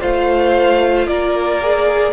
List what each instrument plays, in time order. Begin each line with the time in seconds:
0.00 cello A3, viola F4, violin C5 F5
1.06 cello A#3, violin A#4 D5
1.61 viola G#4